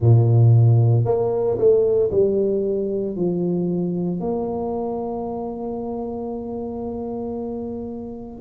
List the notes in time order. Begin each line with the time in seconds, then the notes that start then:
0.00 A#2
1.04 A#3
1.57 A3
2.11 G3
3.16 F3
4.20 A#3